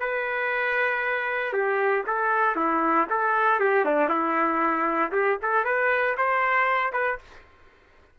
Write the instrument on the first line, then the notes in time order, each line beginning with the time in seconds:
trumpet
0.00 B4
1.53 G4
2.07 A4
2.56 E4
3.10 A4
3.60 G4
3.86 D4
4.10 E4
5.12 G4
5.43 A4
5.65 B4
6.18 C5
6.93 B4